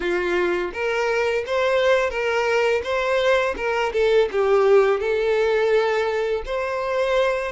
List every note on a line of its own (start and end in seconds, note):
0.00 0.71 F4
0.73 1.44 A#4
1.46 2.10 C5
2.10 2.81 A#4
2.83 3.55 C5
3.56 3.92 A#4
3.93 4.28 A4
4.31 5.00 G4
5.00 6.43 A4
6.45 7.52 C5